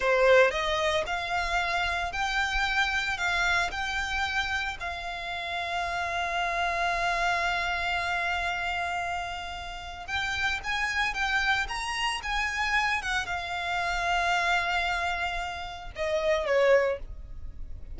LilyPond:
\new Staff \with { instrumentName = "violin" } { \time 4/4 \tempo 4 = 113 c''4 dis''4 f''2 | g''2 f''4 g''4~ | g''4 f''2.~ | f''1~ |
f''2. g''4 | gis''4 g''4 ais''4 gis''4~ | gis''8 fis''8 f''2.~ | f''2 dis''4 cis''4 | }